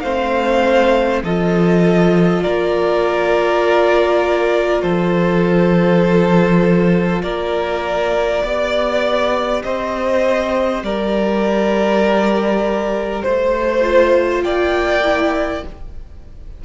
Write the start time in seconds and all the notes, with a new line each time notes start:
0.00 A3 C4 C5 F5
1.23 F3 F4 A4 D#5
2.42 A#3 A#4 D5
4.82 F3 A4 C5
7.22 A#3 A#4 D5
8.43 B3 G4 D5
9.62 C4 C5 D#5
10.82 G3 A#4 D5
13.21 A3 C5
13.81 F4
14.42 A#3 D5 G5
15.03 E4